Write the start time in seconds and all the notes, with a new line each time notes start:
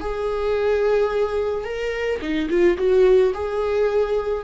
0.00 G#4
1.64 A#4
2.21 D#4
2.49 F4
2.77 F#4
3.34 G#4